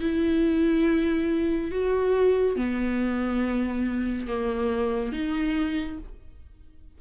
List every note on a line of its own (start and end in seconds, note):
0.00 1.71 E4
1.71 2.56 F#4
2.56 4.27 B3
4.27 5.12 A#3
5.12 5.98 D#4